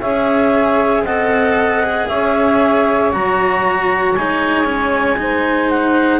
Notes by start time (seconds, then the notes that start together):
0.00 C#4 G#4 C#5 E5
1.02 C4 A4 D#5 F#5
1.84 G#4
2.08 C#4 C#5 E5
3.13 F#3 F#4 A#5
4.16 G#3 D#4 G#5
4.65 C#4
5.17 D#4 C5
5.70 F#5